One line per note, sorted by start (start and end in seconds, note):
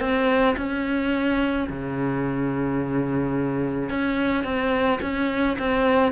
0.00 0.56 C4
0.57 1.68 C#4
1.69 3.89 C#3
3.89 4.44 C#4
4.44 4.99 C4
5.02 5.57 C#4
5.59 6.12 C4